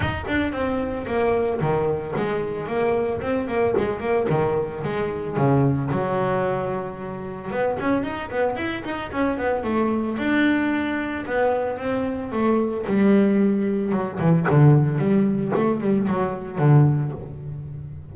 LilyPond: \new Staff \with { instrumentName = "double bass" } { \time 4/4 \tempo 4 = 112 dis'8 d'8 c'4 ais4 dis4 | gis4 ais4 c'8 ais8 gis8 ais8 | dis4 gis4 cis4 fis4~ | fis2 b8 cis'8 dis'8 b8 |
e'8 dis'8 cis'8 b8 a4 d'4~ | d'4 b4 c'4 a4 | g2 fis8 e8 d4 | g4 a8 g8 fis4 d4 | }